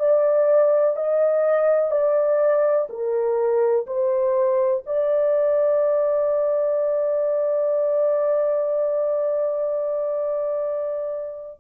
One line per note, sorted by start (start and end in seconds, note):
0.00 0.97 D5
0.97 1.91 D#5
1.91 2.88 D5
2.90 3.87 A#4
3.87 4.84 C5
4.87 11.60 D5